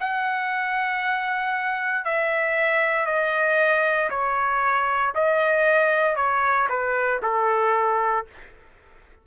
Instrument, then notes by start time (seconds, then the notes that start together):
trumpet
0.00 F#5
2.05 E5
3.06 D#5
4.10 C#5
5.14 D#5
6.16 C#5
6.69 B4
7.23 A4